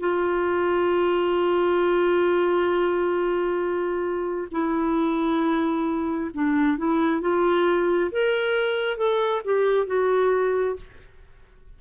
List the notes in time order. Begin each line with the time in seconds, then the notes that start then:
0.00 F4
4.51 E4
6.34 D4
6.78 E4
7.21 F4
8.12 A#4
8.97 A4
9.45 G4
9.87 F#4